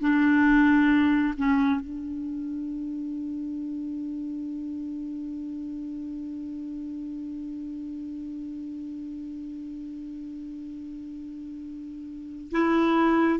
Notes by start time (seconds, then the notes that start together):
0.00 D4
1.37 C#4
1.81 D4
12.51 E4